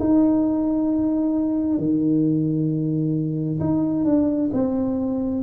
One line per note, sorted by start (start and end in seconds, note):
0.00 1.78 D#4
1.78 3.60 D#3
3.60 4.05 D#4
4.05 4.51 D4
4.54 5.43 C4